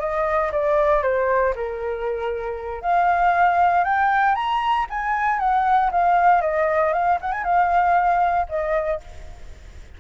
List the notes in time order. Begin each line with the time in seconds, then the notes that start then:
0.00 D#5
0.52 D5
1.03 C5
1.56 A#4
2.82 F5
3.84 G5
4.35 A#5
4.90 G#5
5.39 F#5
5.92 F5
6.42 D#5
6.93 F5
7.21 F#5
7.32 G#5
7.44 F5
8.49 D#5